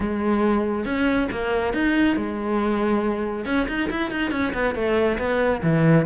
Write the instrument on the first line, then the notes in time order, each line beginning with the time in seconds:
cello
0.00 G#3
0.85 C#4
1.31 A#3
1.73 D#4
2.16 G#3
3.45 C#4
3.67 D#4
3.90 E4
4.10 D#4
4.31 C#4
4.53 B3
4.75 A3
5.18 B3
5.62 E3